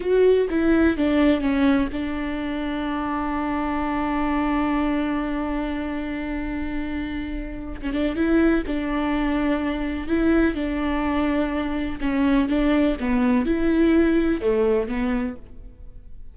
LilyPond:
\new Staff \with { instrumentName = "viola" } { \time 4/4 \tempo 4 = 125 fis'4 e'4 d'4 cis'4 | d'1~ | d'1~ | d'1~ |
d'16 cis'16 d'8 e'4 d'2~ | d'4 e'4 d'2~ | d'4 cis'4 d'4 b4 | e'2 a4 b4 | }